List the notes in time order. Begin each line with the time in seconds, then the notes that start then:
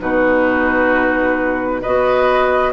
0.00 B2 D#4 F#4 B4
1.81 B3 F#4 B4 D#5